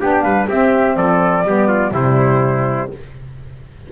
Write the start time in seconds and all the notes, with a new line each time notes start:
0.00 B3 D4 G4 G5
0.21 G3 B4 F5
0.48 C4 G4 E5
0.96 F3 A4 D5
1.44 G3 B3 G4
1.67 F4
1.91 C3 G3 E4 C5